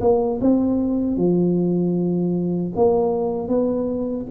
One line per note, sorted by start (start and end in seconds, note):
0.00 0.39 A#3
0.41 1.17 C4
1.17 2.72 F3
2.75 3.48 A#3
3.48 4.26 B3